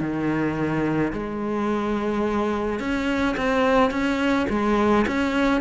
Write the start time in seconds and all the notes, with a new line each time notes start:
0.00 D#3
1.13 G#3
2.79 C#4
3.37 C4
3.90 C#4
4.49 G#3
5.07 C#4